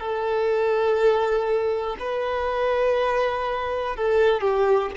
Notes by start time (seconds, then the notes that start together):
0.00 A4
2.00 B4
3.97 A4
4.41 G4